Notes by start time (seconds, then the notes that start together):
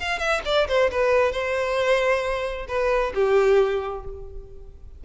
0.00 F5
0.19 E5
0.45 D5
0.68 C5
0.91 B4
1.32 C5
2.68 B4
3.14 G4